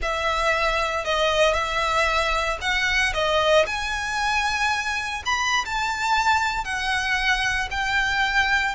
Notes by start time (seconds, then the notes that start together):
0.02 E5
1.05 D#5
1.53 E5
2.61 F#5
3.13 D#5
3.66 G#5
5.25 B5
5.65 A5
6.64 F#5
7.71 G5